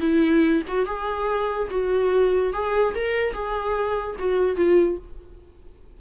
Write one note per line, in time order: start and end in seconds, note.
0.00 0.62 E4
0.67 0.86 F#4
0.86 1.68 G#4
1.70 2.53 F#4
2.53 2.94 G#4
2.95 3.33 A#4
3.33 4.16 G#4
4.19 4.56 F#4
4.56 4.97 F4